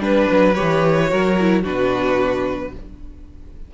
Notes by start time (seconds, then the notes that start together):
0.00 G3 D4 B4
0.32 F#3
0.55 G4 C#5
0.61 E3
1.08 F#3 F#4 A#4
1.41 E4
1.63 B2 D4 F#4 B4